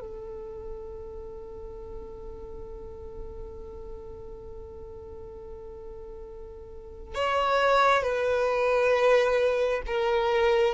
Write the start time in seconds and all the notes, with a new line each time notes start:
0.00 A4
7.15 C#5
8.03 B4
9.87 A#4